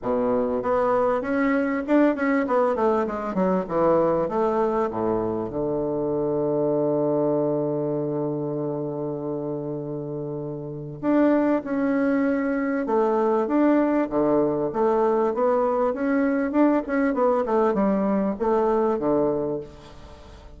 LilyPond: \new Staff \with { instrumentName = "bassoon" } { \time 4/4 \tempo 4 = 98 b,4 b4 cis'4 d'8 cis'8 | b8 a8 gis8 fis8 e4 a4 | a,4 d2.~ | d1~ |
d2 d'4 cis'4~ | cis'4 a4 d'4 d4 | a4 b4 cis'4 d'8 cis'8 | b8 a8 g4 a4 d4 | }